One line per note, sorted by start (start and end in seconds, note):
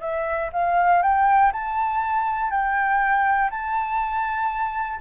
0.00 0.50 E5
0.53 1.02 F5
1.02 1.52 G5
1.52 2.51 A5
2.51 3.50 G5
3.50 4.99 A5